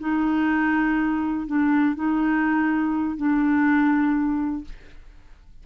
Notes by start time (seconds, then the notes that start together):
0.00 D#4
1.47 D4
1.95 D#4
3.17 D4